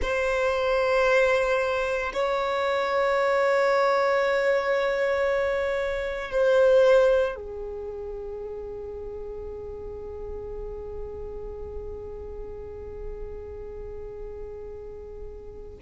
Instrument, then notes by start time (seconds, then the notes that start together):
violin
0.01 C5
2.13 C#5
6.31 C5
7.35 G#4